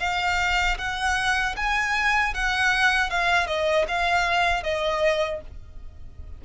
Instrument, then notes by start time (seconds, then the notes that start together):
violin
0.00 F5
0.78 F#5
1.57 G#5
2.35 F#5
3.11 F5
3.47 D#5
3.89 F5
4.64 D#5